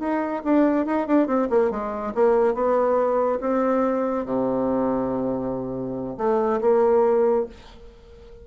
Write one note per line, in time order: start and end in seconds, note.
0.00 0.43 D#4
0.45 0.86 D4
0.86 1.07 D#4
1.07 1.27 D4
1.27 1.49 C4
1.50 1.71 A#3
1.71 2.14 G#3
2.15 2.55 A#3
2.55 3.40 B3
3.41 4.26 C4
4.26 6.18 C3
6.18 6.61 A3
6.62 7.47 A#3